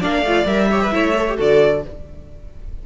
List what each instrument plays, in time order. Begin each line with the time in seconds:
0.00 cello A#3, viola D4, violin D5 F5
0.22 cello A3, viola F4
0.45 cello G3, viola A#4, violin E5
0.71 viola G4, violin C#5
0.82 violin B4
0.92 cello A3, viola E4, violin C#5
1.16 viola A4
1.29 viola G4
1.37 cello D3, viola F#4, violin A4 D5